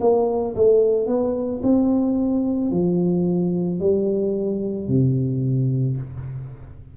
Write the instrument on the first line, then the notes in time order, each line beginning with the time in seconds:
tuba
0.00 A#3
0.56 A3
1.07 B3
1.63 C4
2.71 F3
3.79 G3
4.87 C3